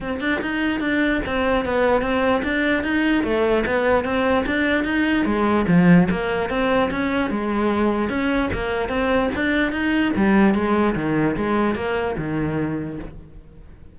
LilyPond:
\new Staff \with { instrumentName = "cello" } { \time 4/4 \tempo 4 = 148 c'8 d'8 dis'4 d'4 c'4 | b4 c'4 d'4 dis'4 | a4 b4 c'4 d'4 | dis'4 gis4 f4 ais4 |
c'4 cis'4 gis2 | cis'4 ais4 c'4 d'4 | dis'4 g4 gis4 dis4 | gis4 ais4 dis2 | }